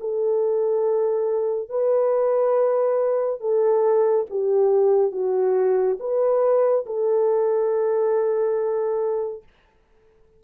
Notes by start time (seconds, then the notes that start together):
0.00 A4
1.69 B4
3.40 A4
4.29 G4
5.12 F#4
5.99 B4
6.86 A4